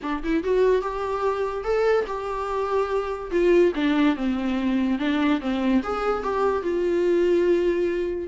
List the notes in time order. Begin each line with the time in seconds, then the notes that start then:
0.02 D4
0.23 E4
0.43 F#4
0.81 G4
1.63 A4
2.06 G4
3.31 F4
3.75 D4
4.16 C4
4.98 D4
5.41 C4
5.83 G#4
6.23 G4
6.62 F4